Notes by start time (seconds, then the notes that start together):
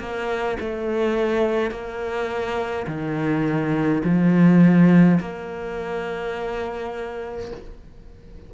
0.00 A#3
0.60 A3
1.71 A#3
2.87 D#3
4.04 F3
5.20 A#3